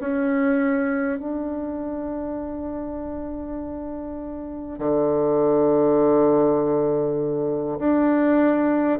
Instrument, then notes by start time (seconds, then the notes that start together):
bassoon
0.00 C#4
1.19 D4
4.78 D3
7.79 D4